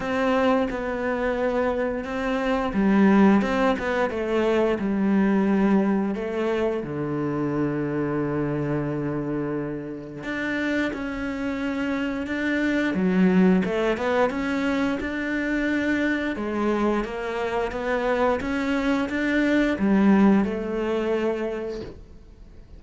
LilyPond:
\new Staff \with { instrumentName = "cello" } { \time 4/4 \tempo 4 = 88 c'4 b2 c'4 | g4 c'8 b8 a4 g4~ | g4 a4 d2~ | d2. d'4 |
cis'2 d'4 fis4 | a8 b8 cis'4 d'2 | gis4 ais4 b4 cis'4 | d'4 g4 a2 | }